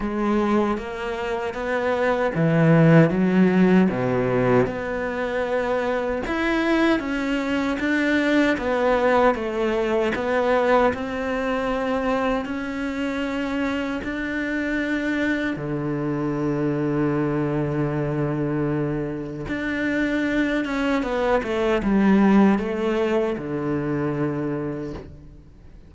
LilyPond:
\new Staff \with { instrumentName = "cello" } { \time 4/4 \tempo 4 = 77 gis4 ais4 b4 e4 | fis4 b,4 b2 | e'4 cis'4 d'4 b4 | a4 b4 c'2 |
cis'2 d'2 | d1~ | d4 d'4. cis'8 b8 a8 | g4 a4 d2 | }